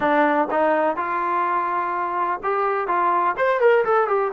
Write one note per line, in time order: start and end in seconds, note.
0.00 0.48 D4
0.50 0.96 D#4
0.96 2.40 F4
2.43 2.87 G4
2.87 3.35 F4
3.37 3.60 C5
3.60 3.84 A#4
3.84 4.07 A4
4.07 4.31 G4